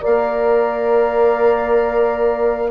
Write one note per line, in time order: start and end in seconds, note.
0.00 2.70 A#3
0.00 2.69 A#4
0.00 2.69 D5
0.00 2.70 F5